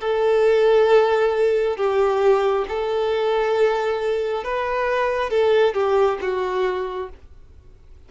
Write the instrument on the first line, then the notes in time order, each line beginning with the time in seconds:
violin
0.00 A4
1.76 G4
2.68 A4
4.44 B4
5.29 A4
5.74 G4
6.21 F#4